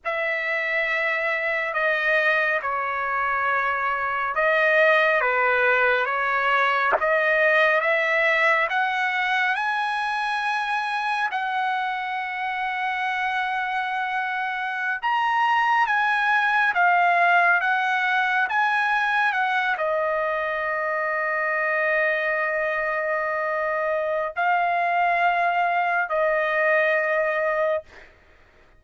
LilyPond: \new Staff \with { instrumentName = "trumpet" } { \time 4/4 \tempo 4 = 69 e''2 dis''4 cis''4~ | cis''4 dis''4 b'4 cis''4 | dis''4 e''4 fis''4 gis''4~ | gis''4 fis''2.~ |
fis''4~ fis''16 ais''4 gis''4 f''8.~ | f''16 fis''4 gis''4 fis''8 dis''4~ dis''16~ | dis''1 | f''2 dis''2 | }